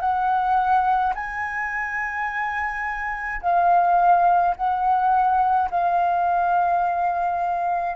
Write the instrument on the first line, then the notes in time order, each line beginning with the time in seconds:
flute
0.00 F#5
1.15 G#5
3.42 F5
4.56 F#5
5.71 F5